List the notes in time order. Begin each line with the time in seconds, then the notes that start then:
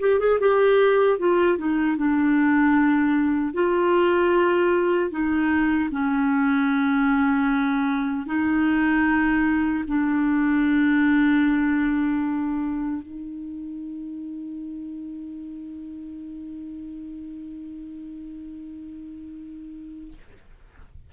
0.00 G4
0.20 G#4
0.40 G4
1.19 F4
1.58 D#4
1.97 D4
3.54 F4
5.11 D#4
5.92 C#4
8.26 D#4
9.88 D4
13.02 D#4